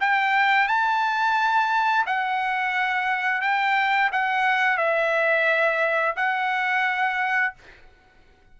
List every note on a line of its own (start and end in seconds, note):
0.00 0.67 G5
0.67 2.05 A5
2.06 3.41 F#5
3.41 4.10 G5
4.12 4.77 F#5
4.77 6.15 E5
6.16 7.54 F#5